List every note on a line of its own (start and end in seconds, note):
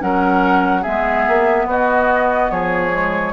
0.00 0.85 F#3
0.00 0.83 C#4
0.00 0.81 A#4
0.00 0.83 F#5
0.81 1.27 G#3
0.81 2.91 B3
0.81 1.65 G#4
0.81 1.66 E5
1.27 1.65 A#3
1.65 2.48 B3
1.65 2.52 F#4
1.65 2.51 D#5
2.51 3.33 F3
2.51 3.33 G#4
2.51 3.33 C#5
2.91 3.32 G#3